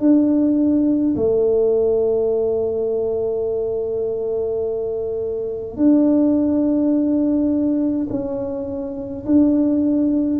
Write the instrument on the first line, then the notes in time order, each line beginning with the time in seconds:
tuba
0.00 D4
1.16 A3
5.77 D4
8.10 C#4
9.26 D4